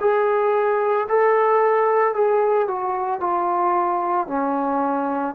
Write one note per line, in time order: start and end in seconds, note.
0.00 1.07 G#4
1.08 2.14 A4
2.14 2.67 G#4
2.67 3.20 F#4
3.20 4.27 F4
4.27 5.34 C#4